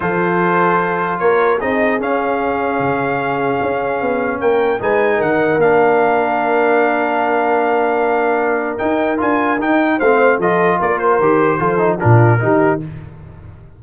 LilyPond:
<<
  \new Staff \with { instrumentName = "trumpet" } { \time 4/4 \tempo 4 = 150 c''2. cis''4 | dis''4 f''2.~ | f''2. g''4 | gis''4 fis''4 f''2~ |
f''1~ | f''2 g''4 gis''4 | g''4 f''4 dis''4 d''8 c''8~ | c''2 ais'2 | }
  \new Staff \with { instrumentName = "horn" } { \time 4/4 a'2. ais'4 | gis'1~ | gis'2. ais'4 | b'4 ais'2.~ |
ais'1~ | ais'1~ | ais'4 c''4 a'4 ais'4~ | ais'4 a'4 f'4 g'4 | }
  \new Staff \with { instrumentName = "trombone" } { \time 4/4 f'1 | dis'4 cis'2.~ | cis'1 | dis'2 d'2~ |
d'1~ | d'2 dis'4 f'4 | dis'4 c'4 f'2 | g'4 f'8 dis'8 d'4 dis'4 | }
  \new Staff \with { instrumentName = "tuba" } { \time 4/4 f2. ais4 | c'4 cis'2 cis4~ | cis4 cis'4 b4 ais4 | gis4 dis4 ais2~ |
ais1~ | ais2 dis'4 d'4 | dis'4 a4 f4 ais4 | dis4 f4 ais,4 dis4 | }
>>